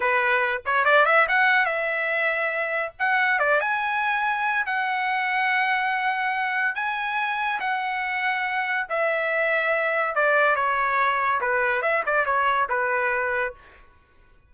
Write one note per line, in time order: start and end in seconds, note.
0.00 0.61 B4
0.65 0.84 C#5
0.84 1.05 D5
1.05 1.26 E5
1.28 1.65 F#5
1.65 2.92 E5
2.99 3.39 F#5
3.39 3.60 D5
3.60 4.66 G#5
4.66 6.75 F#5
6.75 7.59 G#5
7.60 8.86 F#5
8.89 10.15 E5
10.15 10.55 D5
10.55 11.40 C#5
11.40 11.82 B4
11.82 12.03 E5
12.06 12.25 D5
12.25 12.68 C#5
12.69 13.53 B4